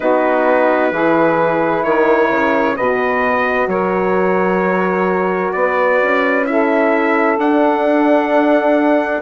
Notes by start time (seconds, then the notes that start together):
0.00 B3 D#4 F#4 B4
0.91 E3 E4 G#4
1.83 D#3 A#4 C#5
2.30 C#3
2.75 B2 F#4 B4 D#5
3.67 F#3 A#4 C#5
5.52 B3 B4 D5
6.02 C#4
6.44 E4 A4 E5
7.37 D4 F#5